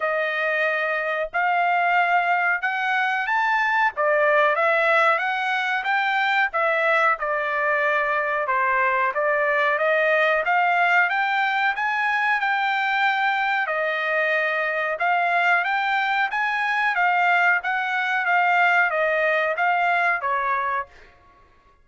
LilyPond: \new Staff \with { instrumentName = "trumpet" } { \time 4/4 \tempo 4 = 92 dis''2 f''2 | fis''4 a''4 d''4 e''4 | fis''4 g''4 e''4 d''4~ | d''4 c''4 d''4 dis''4 |
f''4 g''4 gis''4 g''4~ | g''4 dis''2 f''4 | g''4 gis''4 f''4 fis''4 | f''4 dis''4 f''4 cis''4 | }